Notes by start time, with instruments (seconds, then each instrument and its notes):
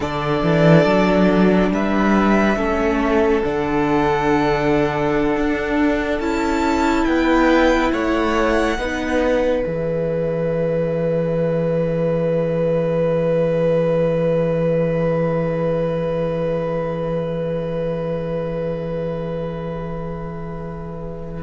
0.00 cello D3, viola D4, violin A4 D5
0.42 cello E3
0.84 cello F#3
1.70 cello G3, violin B4 E5
2.56 cello A3, viola C#4, violin A4
3.43 cello D3, viola D4, violin F#5
5.36 cello D4
6.19 cello C#4, viola E4, violin A5
7.04 cello B3, violin B4 G5
7.92 cello A3, violin C#5 F#5
8.77 cello B3, viola D#4, violin B4
9.63 cello E3, viola G#4, violin E5